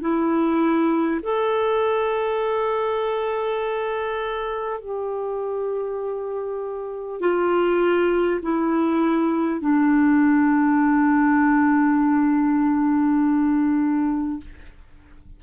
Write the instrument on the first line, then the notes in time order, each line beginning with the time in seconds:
clarinet
0.00 E4
1.22 A4
4.80 G4
7.20 F4
8.42 E4
9.60 D4